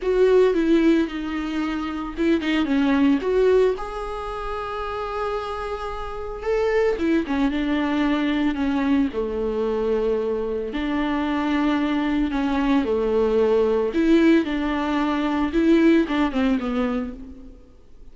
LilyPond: \new Staff \with { instrumentName = "viola" } { \time 4/4 \tempo 4 = 112 fis'4 e'4 dis'2 | e'8 dis'8 cis'4 fis'4 gis'4~ | gis'1 | a'4 e'8 cis'8 d'2 |
cis'4 a2. | d'2. cis'4 | a2 e'4 d'4~ | d'4 e'4 d'8 c'8 b4 | }